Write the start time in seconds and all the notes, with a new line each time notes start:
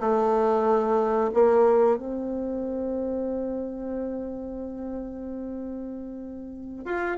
0.00 A3
1.33 A#3
1.97 C4
6.85 F4